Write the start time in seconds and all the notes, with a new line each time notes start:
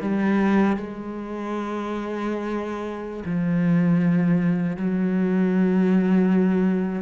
0.00 G3
0.76 G#3
3.25 F3
4.76 F#3